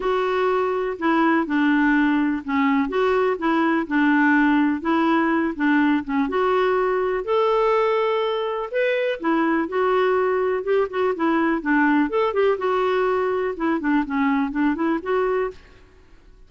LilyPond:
\new Staff \with { instrumentName = "clarinet" } { \time 4/4 \tempo 4 = 124 fis'2 e'4 d'4~ | d'4 cis'4 fis'4 e'4 | d'2 e'4. d'8~ | d'8 cis'8 fis'2 a'4~ |
a'2 b'4 e'4 | fis'2 g'8 fis'8 e'4 | d'4 a'8 g'8 fis'2 | e'8 d'8 cis'4 d'8 e'8 fis'4 | }